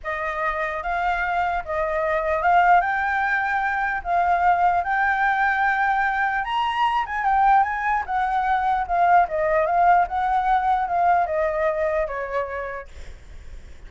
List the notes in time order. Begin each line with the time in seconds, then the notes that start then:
0.03 D#5
0.83 F5
1.64 D#5
2.42 F5
2.81 G5
4.03 F5
4.84 G5
6.44 A#5
7.06 G#5
7.24 G5
7.63 G#5
8.06 F#5
8.87 F5
9.28 D#5
9.66 F5
10.07 F#5
10.88 F5
11.26 D#5
12.07 C#5